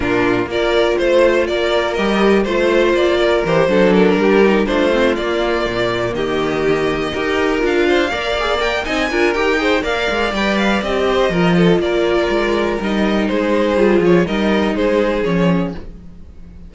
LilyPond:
<<
  \new Staff \with { instrumentName = "violin" } { \time 4/4 \tempo 4 = 122 ais'4 d''4 c''4 d''4 | dis''4 c''4 d''4 c''4 | ais'4. c''4 d''4.~ | d''8 dis''2. f''8~ |
f''4. g''8 gis''4 g''4 | f''4 g''8 f''8 dis''2 | d''2 dis''4 c''4~ | c''8 cis''8 dis''4 c''4 cis''4 | }
  \new Staff \with { instrumentName = "violin" } { \time 4/4 f'4 ais'4 c''4 ais'4~ | ais'4 c''4. ais'4 a'8~ | a'8 g'4 f'2~ f'8~ | f'8 g'2 ais'4. |
c''8 d''4. dis''8 ais'4 c''8 | d''2~ d''8 c''8 ais'8 a'8 | ais'2. gis'4~ | gis'4 ais'4 gis'2 | }
  \new Staff \with { instrumentName = "viola" } { \time 4/4 d'4 f'2. | g'4 f'2 g'8 d'8~ | d'4 dis'8 d'8 c'8 ais4.~ | ais2~ ais8 g'4 f'8~ |
f'8 ais'8 gis'8 ais'8 dis'8 f'8 g'8 gis'8 | ais'4 b'4 g'4 f'4~ | f'2 dis'2 | f'4 dis'2 cis'4 | }
  \new Staff \with { instrumentName = "cello" } { \time 4/4 ais,4 ais4 a4 ais4 | g4 a4 ais4 e8 fis8~ | fis8 g4 a4 ais4 ais,8~ | ais,8 dis2 dis'4 d'8~ |
d'8 ais4. c'8 d'8 dis'4 | ais8 gis8 g4 c'4 f4 | ais4 gis4 g4 gis4 | g8 f8 g4 gis4 f4 | }
>>